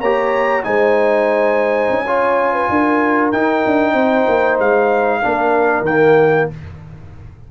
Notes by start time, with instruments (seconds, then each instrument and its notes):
0.00 tuba A#3, trombone G4, horn C#5, trumpet A#5
0.63 tuba G#3, trombone D#4, horn C5, trumpet G#5
1.89 tuba C#4
2.06 trombone F4, horn C#5
2.53 horn B4
2.69 tuba D4, horn A#4
3.31 tuba D#4, trombone D#4, trumpet G5
3.66 tuba D4
3.93 tuba C4, horn C5
4.28 tuba A#3
4.59 tuba G#3, trumpet F5
5.22 tuba A#3, trombone D4, horn A#4
5.81 tuba D#3, trumpet G5
5.87 trombone A#3